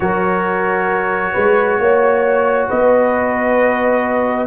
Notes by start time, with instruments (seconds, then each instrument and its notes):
0.00 tuba F#3, trombone F#4, horn A#4, trumpet C#5
1.32 tuba G#3, horn B4
1.78 tuba A#3, horn C#5
2.68 tuba B3, horn B4, trumpet D#5